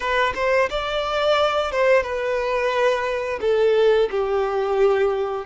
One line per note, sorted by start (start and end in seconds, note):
0.00 0.33 B4
0.34 0.68 C5
0.69 1.71 D5
1.71 2.03 C5
2.03 3.39 B4
3.41 4.09 A4
4.10 5.45 G4